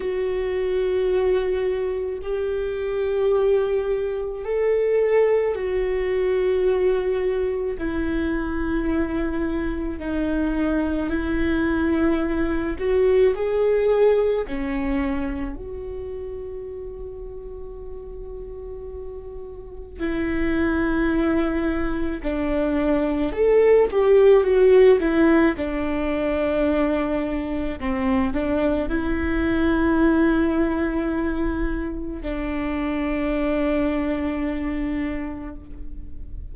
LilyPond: \new Staff \with { instrumentName = "viola" } { \time 4/4 \tempo 4 = 54 fis'2 g'2 | a'4 fis'2 e'4~ | e'4 dis'4 e'4. fis'8 | gis'4 cis'4 fis'2~ |
fis'2 e'2 | d'4 a'8 g'8 fis'8 e'8 d'4~ | d'4 c'8 d'8 e'2~ | e'4 d'2. | }